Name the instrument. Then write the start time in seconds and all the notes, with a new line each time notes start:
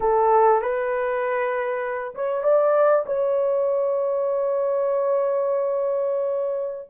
horn
0.00 A4
0.61 B4
2.14 C#5
2.43 D5
3.06 C#5